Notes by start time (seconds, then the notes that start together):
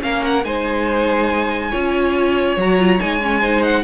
0.00 A#3 C#4 A#4 F5
0.25 F#5
0.45 G#3 D#4 C5 G#5
1.71 C#4 F4 C#5
2.57 F#3 F#4 A#5
2.79 F4
3.00 G#3 D#4 G#5
3.22 C#4
3.41 D#4 C5
3.63 F#5